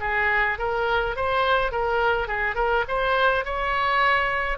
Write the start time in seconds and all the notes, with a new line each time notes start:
0.00 G#4
0.59 A#4
1.16 C5
1.72 A#4
2.28 G#4
2.55 A#4
2.88 C5
3.45 C#5